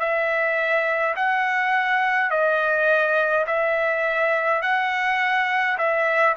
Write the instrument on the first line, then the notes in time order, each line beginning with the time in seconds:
trumpet
0.00 E5
1.16 F#5
2.31 D#5
3.47 E5
4.62 F#5
5.78 E5